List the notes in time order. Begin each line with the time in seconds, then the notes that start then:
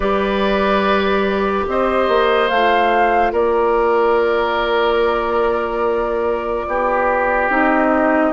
0.00 G3 G4 B4 D5
1.66 C4 C5 D#5
2.08 A#3
2.48 A3 F4 F5
3.32 A#3 A#4 D5
6.67 B3 G4
7.49 C4 D#4 D#5